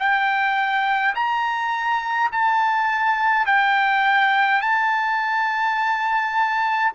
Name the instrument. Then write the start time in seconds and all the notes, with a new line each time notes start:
trumpet
0.00 G5
1.16 A#5
2.32 A5
3.47 G5
4.62 A5